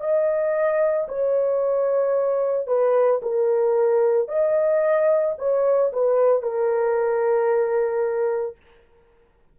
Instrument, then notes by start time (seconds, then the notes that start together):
horn
0.00 D#5
1.08 C#5
2.67 B4
3.22 A#4
4.28 D#5
5.38 C#5
5.92 B4
6.42 A#4